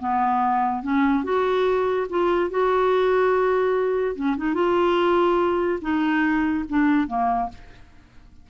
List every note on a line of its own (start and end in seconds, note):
0.00 0.83 B3
0.83 1.24 C#4
1.24 2.08 F#4
2.10 2.51 F4
2.51 4.16 F#4
4.16 4.37 C#4
4.37 4.55 D#4
4.55 5.80 F4
5.82 6.65 D#4
6.70 7.08 D4
7.08 7.50 A#3